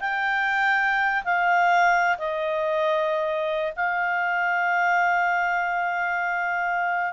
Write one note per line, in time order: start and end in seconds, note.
0.00 1.24 G5
1.25 2.17 F5
2.18 3.73 D#5
3.76 7.13 F5